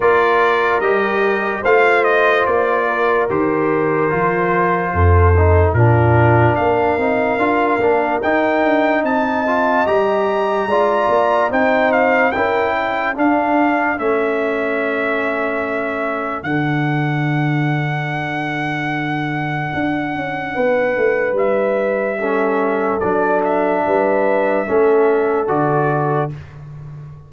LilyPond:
<<
  \new Staff \with { instrumentName = "trumpet" } { \time 4/4 \tempo 4 = 73 d''4 dis''4 f''8 dis''8 d''4 | c''2. ais'4 | f''2 g''4 a''4 | ais''2 g''8 f''8 g''4 |
f''4 e''2. | fis''1~ | fis''2 e''2 | d''8 e''2~ e''8 d''4 | }
  \new Staff \with { instrumentName = "horn" } { \time 4/4 ais'2 c''4. ais'8~ | ais'2 a'4 f'4 | ais'2. dis''4~ | dis''4 d''4 c''4 ais'8 a'8~ |
a'1~ | a'1~ | a'4 b'2 a'4~ | a'4 b'4 a'2 | }
  \new Staff \with { instrumentName = "trombone" } { \time 4/4 f'4 g'4 f'2 | g'4 f'4. dis'8 d'4~ | d'8 dis'8 f'8 d'8 dis'4. f'8 | g'4 f'4 dis'4 e'4 |
d'4 cis'2. | d'1~ | d'2. cis'4 | d'2 cis'4 fis'4 | }
  \new Staff \with { instrumentName = "tuba" } { \time 4/4 ais4 g4 a4 ais4 | dis4 f4 f,4 ais,4 | ais8 c'8 d'8 ais8 dis'8 d'8 c'4 | g4 gis8 ais8 c'4 cis'4 |
d'4 a2. | d1 | d'8 cis'8 b8 a8 g2 | fis4 g4 a4 d4 | }
>>